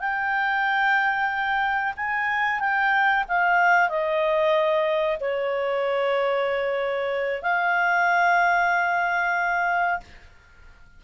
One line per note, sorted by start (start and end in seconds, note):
0.00 1.94 G5
1.97 2.60 G#5
2.60 3.24 G5
3.28 3.89 F5
3.89 5.18 D#5
5.20 7.42 C#5
7.42 10.01 F5